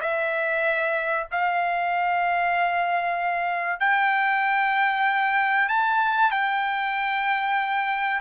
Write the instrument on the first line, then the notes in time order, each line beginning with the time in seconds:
trumpet
0.00 E5
1.31 F5
3.80 G5
5.68 A5
6.31 G5